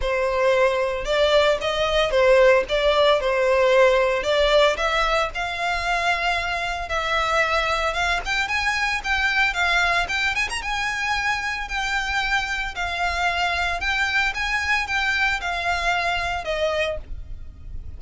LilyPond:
\new Staff \with { instrumentName = "violin" } { \time 4/4 \tempo 4 = 113 c''2 d''4 dis''4 | c''4 d''4 c''2 | d''4 e''4 f''2~ | f''4 e''2 f''8 g''8 |
gis''4 g''4 f''4 g''8 gis''16 ais''16 | gis''2 g''2 | f''2 g''4 gis''4 | g''4 f''2 dis''4 | }